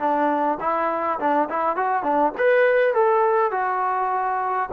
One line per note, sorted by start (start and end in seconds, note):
0.00 0.59 D4
0.61 1.20 E4
1.20 1.49 D4
1.50 1.76 E4
1.76 2.03 F#4
2.03 2.33 D4
2.38 2.94 B4
2.94 3.52 A4
3.52 4.70 F#4